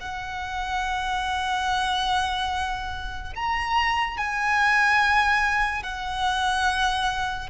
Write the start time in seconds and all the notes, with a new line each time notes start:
0.00 F#5
3.35 A#5
4.17 G#5
5.83 F#5